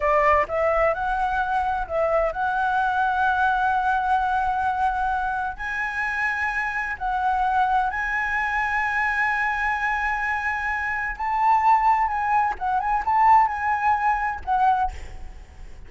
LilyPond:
\new Staff \with { instrumentName = "flute" } { \time 4/4 \tempo 4 = 129 d''4 e''4 fis''2 | e''4 fis''2.~ | fis''1 | gis''2. fis''4~ |
fis''4 gis''2.~ | gis''1 | a''2 gis''4 fis''8 gis''8 | a''4 gis''2 fis''4 | }